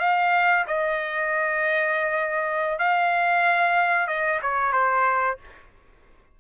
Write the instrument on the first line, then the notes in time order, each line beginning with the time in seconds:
trumpet
0.00 F5
0.68 D#5
2.79 F5
4.08 D#5
4.43 C#5
4.73 C5